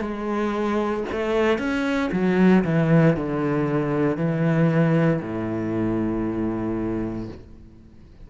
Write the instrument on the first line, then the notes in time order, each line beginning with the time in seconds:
cello
0.00 G#3
1.11 A3
1.58 C#4
2.12 F#3
2.64 E3
3.16 D3
4.17 E3
5.21 A2